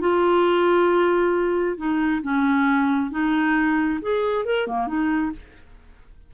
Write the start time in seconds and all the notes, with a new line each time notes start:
0.00 F4
1.77 D#4
2.22 C#4
3.11 D#4
4.01 G#4
4.45 A#4
4.67 A#3
4.87 D#4